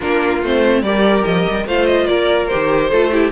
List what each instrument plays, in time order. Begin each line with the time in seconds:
0.00 cello A#3, viola D4, violin F4 A#4
0.42 cello A3, viola C4, violin C5
0.82 cello G3, viola G4, violin A#4 D5
1.25 cello F3, violin D#5
1.48 cello G3
1.65 cello A3, viola F4, violin C5 F5
1.86 violin D#5
2.07 cello A#3, violin A#4 D5
2.47 viola G4, violin C5
2.54 cello D#3
2.89 cello A3, viola F4, violin A4
3.12 viola E4, violin G4